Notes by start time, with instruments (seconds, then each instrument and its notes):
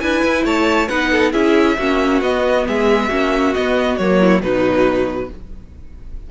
0.00 cello D4, viola E4, violin B4 G#5
0.25 cello E4
0.45 cello A3, violin C#5 A5
0.89 cello B3, viola D#4, violin B4 F#5
1.12 violin A4
1.33 cello C#4, viola E4, violin G#4 E5
1.78 cello A#3, viola C#4, violin F#4
2.21 cello B3, viola B3, violin D#5
2.67 cello G#3, violin G#4 E5
3.09 cello A#3, viola C#4, violin F#4
3.54 viola B3, cello B3, violin D#5
3.98 cello F#3, viola A#3, violin C#5
4.20 violin E4
4.41 cello B2, viola F#3, violin D#4 B4